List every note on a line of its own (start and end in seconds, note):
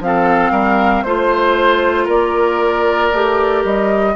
0.00 0.51 F3
0.00 1.06 C4
0.00 1.03 F5
0.07 0.52 A4
0.51 1.03 G3
0.51 1.04 A#4
1.03 2.08 A3
1.03 3.13 F4
1.03 2.07 C5
1.03 2.05 C5
2.05 3.11 A#3
2.05 4.12 A#4
2.05 3.64 D5
3.13 3.64 A3
3.13 4.16 G4
3.64 4.16 G3
3.64 4.16 D#5